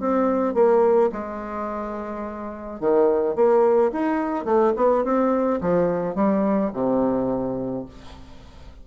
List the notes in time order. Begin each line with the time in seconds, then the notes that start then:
0.00 C4
0.55 A#3
1.12 G#3
2.80 D#3
3.36 A#3
3.93 D#4
4.45 A3
4.77 B3
5.04 C4
5.61 F3
6.15 G3
6.74 C3